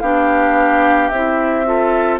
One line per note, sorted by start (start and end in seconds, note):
0.00 1.10 B3
0.00 1.11 D4
0.00 1.66 G4
0.00 1.08 F5
1.08 2.20 C4
1.08 1.65 E4
1.08 2.17 E5
1.65 2.19 F4
1.65 2.20 A4